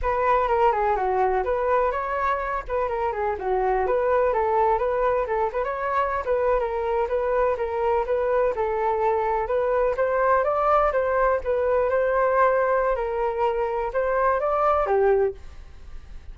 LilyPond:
\new Staff \with { instrumentName = "flute" } { \time 4/4 \tempo 4 = 125 b'4 ais'8 gis'8 fis'4 b'4 | cis''4. b'8 ais'8 gis'8 fis'4 | b'4 a'4 b'4 a'8 b'16 cis''16~ | cis''4 b'8. ais'4 b'4 ais'16~ |
ais'8. b'4 a'2 b'16~ | b'8. c''4 d''4 c''4 b'16~ | b'8. c''2~ c''16 ais'4~ | ais'4 c''4 d''4 g'4 | }